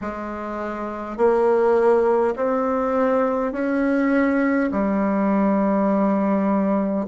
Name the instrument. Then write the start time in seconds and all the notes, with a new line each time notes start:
bassoon
0.01 G#3
1.17 A#3
2.36 C4
3.52 C#4
4.71 G3